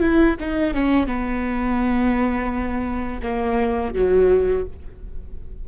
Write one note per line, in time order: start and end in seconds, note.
0.00 0.36 E4
0.40 0.74 D#4
0.74 1.07 C#4
1.07 3.21 B3
3.22 3.94 A#3
3.94 4.66 F#3